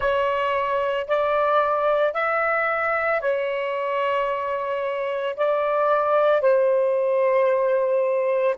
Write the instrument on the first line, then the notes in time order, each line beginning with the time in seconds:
saxophone
0.00 C#5
1.07 D5
2.13 E5
3.20 C#5
5.36 D5
6.41 C5